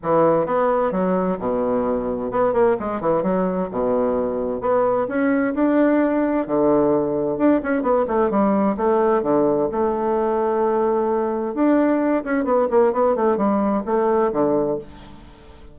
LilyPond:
\new Staff \with { instrumentName = "bassoon" } { \time 4/4 \tempo 4 = 130 e4 b4 fis4 b,4~ | b,4 b8 ais8 gis8 e8 fis4 | b,2 b4 cis'4 | d'2 d2 |
d'8 cis'8 b8 a8 g4 a4 | d4 a2.~ | a4 d'4. cis'8 b8 ais8 | b8 a8 g4 a4 d4 | }